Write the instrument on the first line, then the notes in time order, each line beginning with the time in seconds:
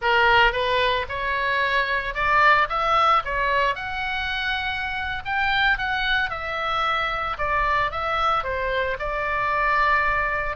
oboe
0.01 A#4
0.52 B4
1.09 C#5
2.14 D5
2.69 E5
3.25 C#5
3.75 F#5
5.25 G5
5.78 F#5
6.29 E5
7.38 D5
7.91 E5
8.43 C5
8.99 D5